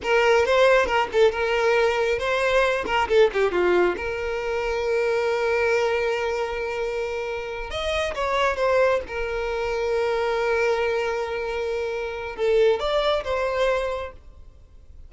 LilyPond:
\new Staff \with { instrumentName = "violin" } { \time 4/4 \tempo 4 = 136 ais'4 c''4 ais'8 a'8 ais'4~ | ais'4 c''4. ais'8 a'8 g'8 | f'4 ais'2.~ | ais'1~ |
ais'4. dis''4 cis''4 c''8~ | c''8 ais'2.~ ais'8~ | ais'1 | a'4 d''4 c''2 | }